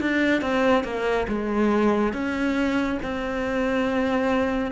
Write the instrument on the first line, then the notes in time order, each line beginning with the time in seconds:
cello
0.00 D4
0.41 C4
0.83 A#3
1.28 G#3
2.13 C#4
3.02 C4